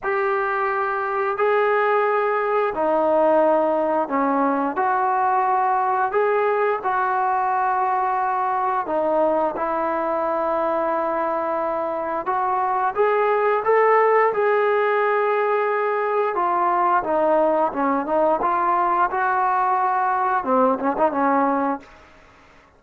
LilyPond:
\new Staff \with { instrumentName = "trombone" } { \time 4/4 \tempo 4 = 88 g'2 gis'2 | dis'2 cis'4 fis'4~ | fis'4 gis'4 fis'2~ | fis'4 dis'4 e'2~ |
e'2 fis'4 gis'4 | a'4 gis'2. | f'4 dis'4 cis'8 dis'8 f'4 | fis'2 c'8 cis'16 dis'16 cis'4 | }